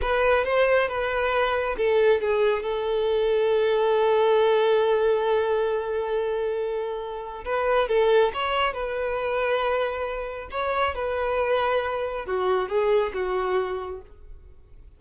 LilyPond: \new Staff \with { instrumentName = "violin" } { \time 4/4 \tempo 4 = 137 b'4 c''4 b'2 | a'4 gis'4 a'2~ | a'1~ | a'1~ |
a'4 b'4 a'4 cis''4 | b'1 | cis''4 b'2. | fis'4 gis'4 fis'2 | }